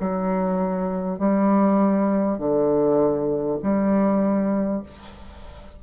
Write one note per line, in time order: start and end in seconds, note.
0.00 1.19 F#3
1.19 2.38 G3
2.38 3.58 D3
3.63 4.82 G3